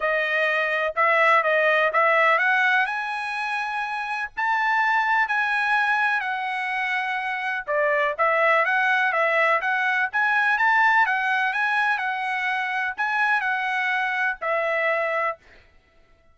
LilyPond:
\new Staff \with { instrumentName = "trumpet" } { \time 4/4 \tempo 4 = 125 dis''2 e''4 dis''4 | e''4 fis''4 gis''2~ | gis''4 a''2 gis''4~ | gis''4 fis''2. |
d''4 e''4 fis''4 e''4 | fis''4 gis''4 a''4 fis''4 | gis''4 fis''2 gis''4 | fis''2 e''2 | }